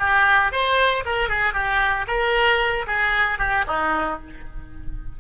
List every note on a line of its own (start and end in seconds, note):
0.00 0.52 G4
0.52 1.04 C5
1.06 1.29 A#4
1.29 1.54 G#4
1.54 2.06 G4
2.08 2.86 A#4
2.87 3.39 G#4
3.39 3.65 G4
3.68 4.20 D#4